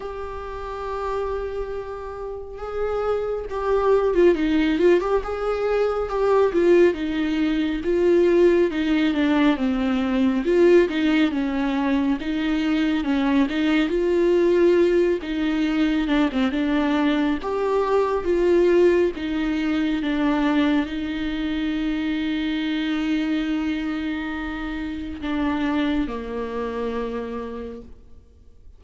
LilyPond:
\new Staff \with { instrumentName = "viola" } { \time 4/4 \tempo 4 = 69 g'2. gis'4 | g'8. f'16 dis'8 f'16 g'16 gis'4 g'8 f'8 | dis'4 f'4 dis'8 d'8 c'4 | f'8 dis'8 cis'4 dis'4 cis'8 dis'8 |
f'4. dis'4 d'16 c'16 d'4 | g'4 f'4 dis'4 d'4 | dis'1~ | dis'4 d'4 ais2 | }